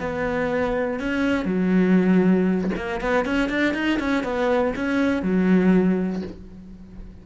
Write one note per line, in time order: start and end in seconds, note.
0.00 1.00 B3
1.00 1.45 C#4
1.45 2.70 F#3
2.77 3.01 A#3
3.01 3.25 B3
3.25 3.49 C#4
3.49 3.74 D4
3.74 3.99 D#4
3.99 4.24 C#4
4.24 4.74 B3
4.76 5.23 C#4
5.23 6.23 F#3